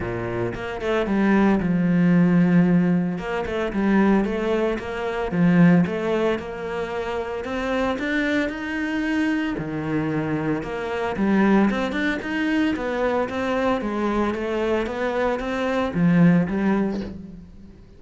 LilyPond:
\new Staff \with { instrumentName = "cello" } { \time 4/4 \tempo 4 = 113 ais,4 ais8 a8 g4 f4~ | f2 ais8 a8 g4 | a4 ais4 f4 a4 | ais2 c'4 d'4 |
dis'2 dis2 | ais4 g4 c'8 d'8 dis'4 | b4 c'4 gis4 a4 | b4 c'4 f4 g4 | }